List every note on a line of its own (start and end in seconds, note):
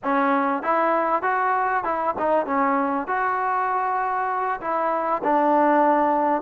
0.03 0.63 C#4
0.63 1.22 E4
1.22 1.83 F#4
1.84 2.14 E4
2.18 2.45 D#4
2.45 3.07 C#4
3.07 4.60 F#4
4.60 5.22 E4
5.23 6.41 D4